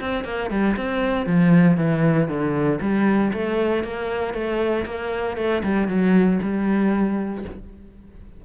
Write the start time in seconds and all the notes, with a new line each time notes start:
0.00 C4
0.24 A#3
0.50 G3
0.76 C4
1.26 F3
1.77 E3
2.28 D3
2.81 G3
3.33 A3
3.83 A#3
4.33 A3
4.85 A#3
5.37 A3
5.63 G3
5.88 F#3
6.42 G3